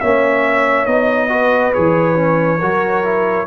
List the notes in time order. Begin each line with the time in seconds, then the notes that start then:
0.00 A#3 C#4 C#5 E5
0.86 B3 D#4 D#5
1.29 F#4 B4
1.73 E3 G#4 C#5
2.15 C#4
2.59 F#3 F#4 A#4
3.04 E4